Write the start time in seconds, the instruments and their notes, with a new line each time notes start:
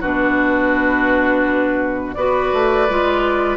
0.00 bassoon B2, clarinet D4, oboe F#4, flute B4
2.13 bassoon B3, clarinet F#4, oboe B4, flute D5
2.53 bassoon A3
2.89 bassoon G#3, clarinet F4